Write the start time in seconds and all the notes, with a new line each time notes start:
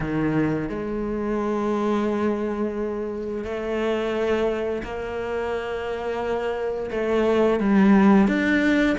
0.00 D#3
0.69 G#3
3.44 A3
4.83 A#3
6.91 A3
7.60 G3
8.27 D4